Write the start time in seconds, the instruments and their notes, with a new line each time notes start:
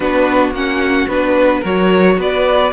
0.00 cello B3, viola D4, violin F#4 B4
0.51 cello A#3, viola C#4, violin F#5
1.07 cello B3, viola D4, violin B4
1.60 cello F#3, viola F#4, violin A#4 C#5
2.17 cello B3, violin B4 D5